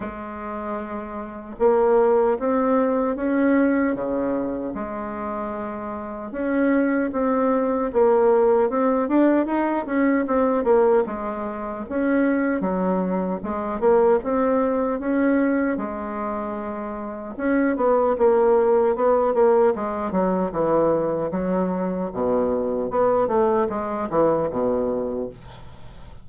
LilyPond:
\new Staff \with { instrumentName = "bassoon" } { \time 4/4 \tempo 4 = 76 gis2 ais4 c'4 | cis'4 cis4 gis2 | cis'4 c'4 ais4 c'8 d'8 | dis'8 cis'8 c'8 ais8 gis4 cis'4 |
fis4 gis8 ais8 c'4 cis'4 | gis2 cis'8 b8 ais4 | b8 ais8 gis8 fis8 e4 fis4 | b,4 b8 a8 gis8 e8 b,4 | }